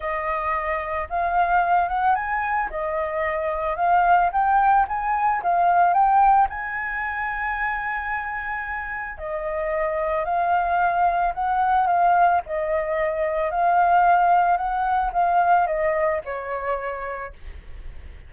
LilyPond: \new Staff \with { instrumentName = "flute" } { \time 4/4 \tempo 4 = 111 dis''2 f''4. fis''8 | gis''4 dis''2 f''4 | g''4 gis''4 f''4 g''4 | gis''1~ |
gis''4 dis''2 f''4~ | f''4 fis''4 f''4 dis''4~ | dis''4 f''2 fis''4 | f''4 dis''4 cis''2 | }